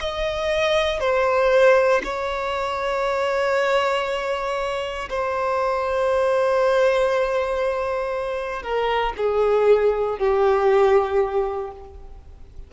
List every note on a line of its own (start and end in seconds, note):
0.00 1.00 D#5
1.00 2.02 C5
2.03 5.08 C#5
5.09 8.63 C5
8.63 9.13 A#4
9.17 10.19 G#4
10.19 11.71 G4